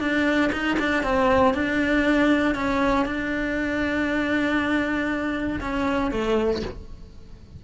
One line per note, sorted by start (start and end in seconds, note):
0.00 0.51 D4
0.52 0.78 D#4
0.79 1.03 D4
1.03 1.54 C4
1.54 2.55 D4
2.55 3.06 C#4
3.06 5.60 D4
5.60 6.11 C#4
6.11 6.62 A3